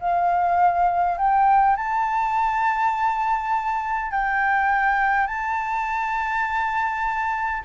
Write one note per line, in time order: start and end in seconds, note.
0.00 1.17 F5
1.17 1.76 G5
1.76 4.11 A5
4.11 5.27 G5
5.27 7.62 A5